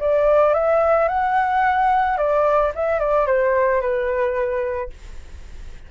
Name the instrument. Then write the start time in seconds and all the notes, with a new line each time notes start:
flute
0.00 D5
0.54 E5
1.08 F#5
2.17 D5
2.75 E5
2.99 D5
3.27 C5
3.81 B4